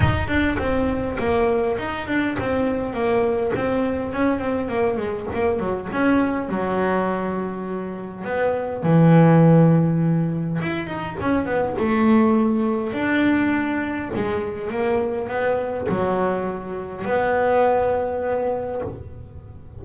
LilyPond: \new Staff \with { instrumentName = "double bass" } { \time 4/4 \tempo 4 = 102 dis'8 d'8 c'4 ais4 dis'8 d'8 | c'4 ais4 c'4 cis'8 c'8 | ais8 gis8 ais8 fis8 cis'4 fis4~ | fis2 b4 e4~ |
e2 e'8 dis'8 cis'8 b8 | a2 d'2 | gis4 ais4 b4 fis4~ | fis4 b2. | }